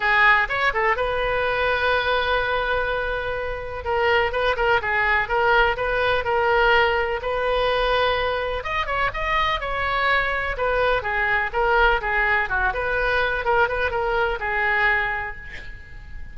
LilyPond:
\new Staff \with { instrumentName = "oboe" } { \time 4/4 \tempo 4 = 125 gis'4 cis''8 a'8 b'2~ | b'1 | ais'4 b'8 ais'8 gis'4 ais'4 | b'4 ais'2 b'4~ |
b'2 dis''8 cis''8 dis''4 | cis''2 b'4 gis'4 | ais'4 gis'4 fis'8 b'4. | ais'8 b'8 ais'4 gis'2 | }